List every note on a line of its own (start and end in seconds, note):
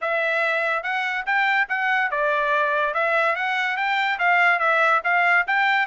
0.01 0.83 E5
0.83 1.25 F#5
1.26 1.68 G5
1.68 2.10 F#5
2.11 2.94 D5
2.94 3.35 E5
3.35 3.76 F#5
3.76 4.18 G5
4.18 4.59 F5
4.59 5.01 E5
5.04 5.46 F5
5.47 5.86 G5